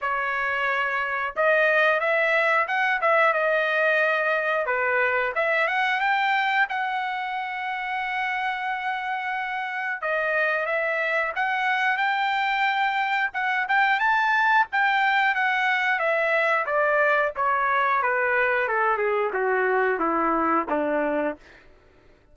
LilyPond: \new Staff \with { instrumentName = "trumpet" } { \time 4/4 \tempo 4 = 90 cis''2 dis''4 e''4 | fis''8 e''8 dis''2 b'4 | e''8 fis''8 g''4 fis''2~ | fis''2. dis''4 |
e''4 fis''4 g''2 | fis''8 g''8 a''4 g''4 fis''4 | e''4 d''4 cis''4 b'4 | a'8 gis'8 fis'4 e'4 d'4 | }